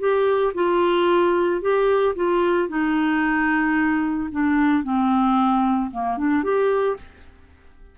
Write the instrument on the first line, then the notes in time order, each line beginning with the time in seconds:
clarinet
0.00 G4
0.55 F4
1.62 G4
2.16 F4
2.69 D#4
4.32 D4
4.84 C4
5.91 A#3
6.18 D4
6.44 G4